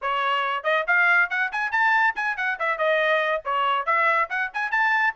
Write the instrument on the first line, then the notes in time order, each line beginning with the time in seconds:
trumpet
0.01 C#5
0.63 D#5
0.87 F5
1.30 F#5
1.52 G#5
1.71 A5
2.15 G#5
2.36 F#5
2.59 E5
2.78 D#5
3.44 C#5
3.86 E5
4.29 F#5
4.53 G#5
4.71 A5